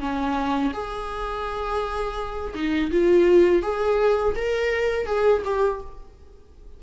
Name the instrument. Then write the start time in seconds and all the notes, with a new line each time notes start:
viola
0.00 C#4
0.74 G#4
2.55 D#4
2.91 F4
3.63 G#4
4.36 A#4
5.06 G#4
5.45 G4